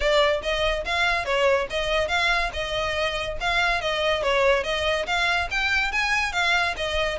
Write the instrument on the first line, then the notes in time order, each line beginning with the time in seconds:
violin
0.00 D5
0.42 D#5
0.85 F5
1.25 C#5
1.69 D#5
2.08 F5
2.53 D#5
3.40 F5
3.81 D#5
4.23 C#5
4.63 D#5
5.06 F5
5.50 G5
5.92 G#5
6.32 F5
6.76 D#5